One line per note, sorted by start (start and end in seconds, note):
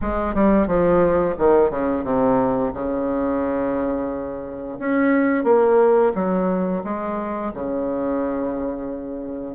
0.01 0.34 G#3
0.34 0.67 G3
0.67 1.35 F3
1.38 1.70 D#3
1.70 2.03 C#3
2.03 2.71 C3
2.73 4.78 C#3
4.79 5.44 C#4
5.44 6.12 A#3
6.14 6.82 F#3
6.84 7.52 G#3
7.53 9.55 C#3